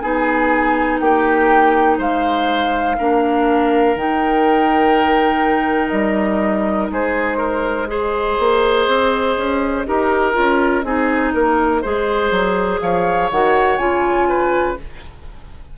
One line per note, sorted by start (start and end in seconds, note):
0.00 1.00 B3
0.00 2.97 D#4
0.00 1.00 G#4
0.00 0.98 G#5
1.00 1.98 A#3
1.00 1.98 G4
1.00 1.98 G5
1.98 2.97 G#3
1.98 2.96 C5
1.98 3.97 F5
2.98 3.95 A#3
2.98 3.96 D4
2.98 6.91 A#4
3.95 5.92 D#3
3.95 7.87 D#4
3.95 5.89 G5
5.89 6.90 G3
5.89 6.87 D#5
6.91 8.38 G#3
6.91 7.38 G#4
6.91 7.89 C5
7.38 7.87 A#4
7.87 9.84 G#4
7.87 9.87 C5
7.87 12.81 D#5
8.39 8.87 A#3
8.87 9.36 C4
9.37 9.86 C#4
9.86 10.36 D#4
9.86 10.33 G4
9.86 10.85 A#4
10.33 10.84 C#4
10.33 10.82 F4
10.84 11.33 C4
10.84 11.83 D#4
10.84 11.34 G#4
11.34 11.83 A#3
11.34 11.82 A#4
11.82 12.31 G#3
11.82 13.31 G#4
11.82 12.80 C5
12.31 12.80 F#3
12.81 13.30 F3
12.81 14.28 C#5
12.81 13.30 F5
13.31 13.78 D#3
13.31 13.78 F#4
13.31 13.78 F#5
13.78 14.76 C#3
13.78 14.77 F4
13.78 14.76 G#5
14.28 14.78 B4